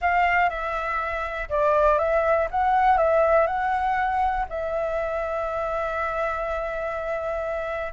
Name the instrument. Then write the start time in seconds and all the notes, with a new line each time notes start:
flute
0.01 F5
0.49 E5
1.49 D5
1.98 E5
2.50 F#5
2.97 E5
3.47 F#5
4.49 E5